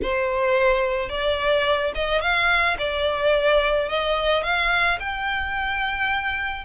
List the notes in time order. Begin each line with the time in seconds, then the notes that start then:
0.02 C5
1.09 D5
1.94 D#5
2.21 F5
2.78 D5
3.89 D#5
4.43 F5
4.99 G5